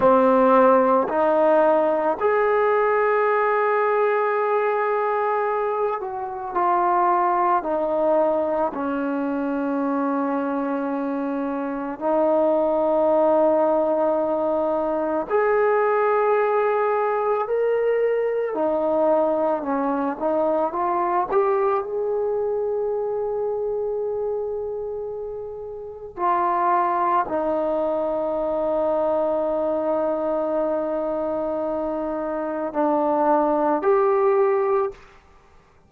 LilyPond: \new Staff \with { instrumentName = "trombone" } { \time 4/4 \tempo 4 = 55 c'4 dis'4 gis'2~ | gis'4. fis'8 f'4 dis'4 | cis'2. dis'4~ | dis'2 gis'2 |
ais'4 dis'4 cis'8 dis'8 f'8 g'8 | gis'1 | f'4 dis'2.~ | dis'2 d'4 g'4 | }